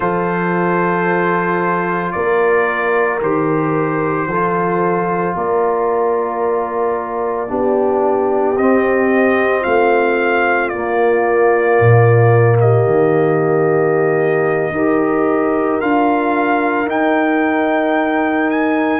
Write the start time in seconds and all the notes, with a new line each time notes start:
0.00 F3 F4 A4 C5
2.12 A#3 A#4 D5
3.21 D#3 G4 C5
4.26 F3 F4 A4
5.35 A#3 A#4 D5
7.48 B3 D4 G4
8.57 C4 D#5
9.61 A3 F4 F5
10.69 A#3 D5
11.80 A#2
12.60 G4 D#5
12.86 D#3
14.71 D#4 G4 A#4
15.80 D4 F4 F5
16.85 D#4 G5
18.50 G#5